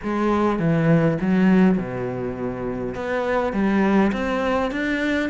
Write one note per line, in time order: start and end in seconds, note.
0.03 0.59 G#3
0.59 1.18 E3
1.20 1.78 F#3
1.78 2.94 B2
2.94 3.52 B3
3.52 4.11 G3
4.12 4.71 C4
4.71 5.29 D4